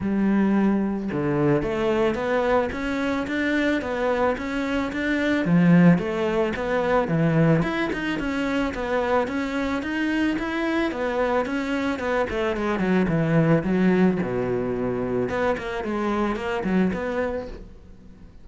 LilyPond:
\new Staff \with { instrumentName = "cello" } { \time 4/4 \tempo 4 = 110 g2 d4 a4 | b4 cis'4 d'4 b4 | cis'4 d'4 f4 a4 | b4 e4 e'8 dis'8 cis'4 |
b4 cis'4 dis'4 e'4 | b4 cis'4 b8 a8 gis8 fis8 | e4 fis4 b,2 | b8 ais8 gis4 ais8 fis8 b4 | }